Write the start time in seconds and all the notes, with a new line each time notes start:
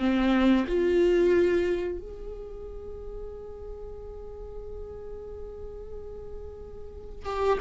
0.00 C4
0.68 F4
1.99 G#4
7.26 G4